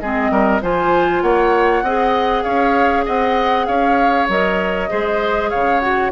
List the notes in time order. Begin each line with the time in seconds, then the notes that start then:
0.00 G#3 C4 G#4 D#5
0.31 G3 A#4
0.62 F3 F4 C5 G#5
1.22 A#3 C#5 F#5
1.83 C4 G#4 D#5
2.43 C#4 C#5 F5
3.05 C4 D#5 F#5
3.66 C#4 C#5 F5
4.29 F#3 A#4 D#5
4.90 G#3 G#4 C5
5.50 C#3 C#5 F5
5.80 F#4 F#5